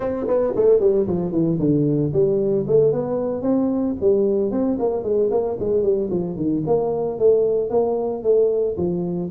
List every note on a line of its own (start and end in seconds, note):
0.00 0.27 C4
0.27 0.53 B3
0.55 0.80 A3
0.80 1.06 G3
1.07 1.31 F3
1.31 1.58 E3
1.59 2.12 D3
2.13 2.66 G3
2.67 2.92 A3
2.92 3.42 B3
3.42 3.95 C4
4.00 4.51 G3
4.51 4.77 C4
4.79 5.03 A#3
5.03 5.29 G#3
5.30 5.57 A#3
5.59 5.82 G#3
5.82 6.09 G3
6.10 6.36 F3
6.36 6.62 D#3
6.66 7.19 A#3
7.19 7.70 A3
7.70 8.23 A#3
8.23 8.76 A3
8.77 9.30 F3